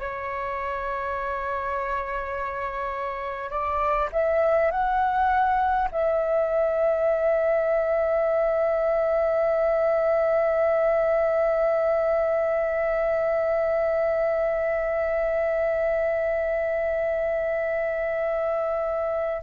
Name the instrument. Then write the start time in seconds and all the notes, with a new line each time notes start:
flute
0.00 C#5
3.50 D5
4.13 E5
4.71 F#5
5.92 E5